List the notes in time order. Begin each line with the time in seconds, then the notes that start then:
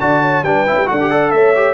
0.00 D3 F#4 D5 A5
0.22 C#5
0.42 G3 D4 B4 G5
0.67 C#4 E4
0.77 G3
0.86 D4 F#4 A4 F#5
1.00 G4
1.10 A4 D5
1.31 A3 C#5 E5
1.56 G4